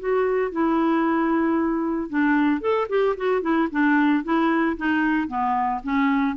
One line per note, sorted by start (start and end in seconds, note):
0.00 0.52 F#4
0.52 2.10 E4
2.10 2.61 D4
2.61 2.88 A4
2.89 3.16 G4
3.18 3.42 F#4
3.42 3.69 E4
3.72 4.24 D4
4.24 4.77 E4
4.77 5.28 D#4
5.28 5.81 B3
5.84 6.37 C#4